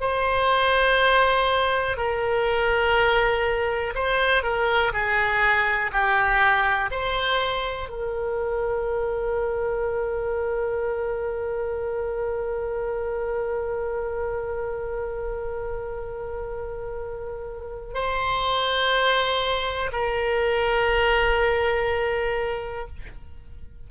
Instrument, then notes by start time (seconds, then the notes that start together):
oboe
0.00 C5
1.97 A#4
3.95 C5
4.43 A#4
4.93 G#4
5.92 G4
6.91 C5
7.89 A#4
17.94 C5
19.92 A#4